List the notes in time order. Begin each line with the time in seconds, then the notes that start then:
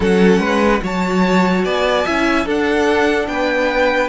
0.00 F#3 C#4 A4 F#5
0.39 G#3 B4
0.83 F#3 F#4 C#5 A5
1.64 B3 D5 G#5
2.05 C#4 E4 E5
2.45 D4 A4 F#5
3.27 B3 B4 G5